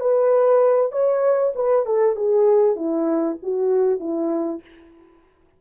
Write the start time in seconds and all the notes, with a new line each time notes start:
0.00 B4
0.92 C#5
1.55 B4
1.85 A4
2.16 G#4
2.76 E4
3.42 F#4
3.99 E4